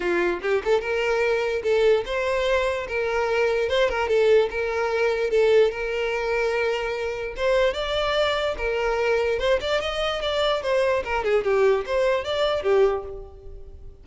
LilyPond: \new Staff \with { instrumentName = "violin" } { \time 4/4 \tempo 4 = 147 f'4 g'8 a'8 ais'2 | a'4 c''2 ais'4~ | ais'4 c''8 ais'8 a'4 ais'4~ | ais'4 a'4 ais'2~ |
ais'2 c''4 d''4~ | d''4 ais'2 c''8 d''8 | dis''4 d''4 c''4 ais'8 gis'8 | g'4 c''4 d''4 g'4 | }